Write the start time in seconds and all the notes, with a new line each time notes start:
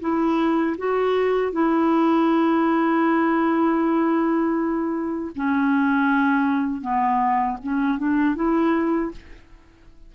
0.00 E4
0.78 F#4
1.52 E4
5.35 C#4
6.81 B3
7.63 C#4
7.98 D4
8.35 E4